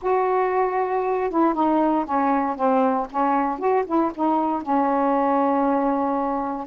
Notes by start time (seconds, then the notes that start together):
0.01 F#4
1.30 E4
1.53 D#4
2.05 C#4
2.56 C4
3.10 C#4
3.58 F#4
3.86 E4
4.14 D#4
4.62 C#4